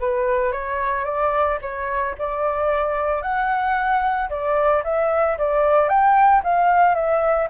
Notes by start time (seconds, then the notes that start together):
0.00 B4
0.52 C#5
1.05 D5
1.62 C#5
2.19 D5
3.22 F#5
4.30 D5
4.84 E5
5.38 D5
5.89 G5
6.44 F5
6.95 E5